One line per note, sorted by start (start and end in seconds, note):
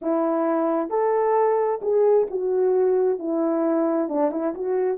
0.01 0.89 E4
0.89 1.80 A4
1.82 2.27 G#4
2.30 3.18 F#4
3.18 4.08 E4
4.08 4.31 D4
4.31 4.54 E4
4.54 4.98 F#4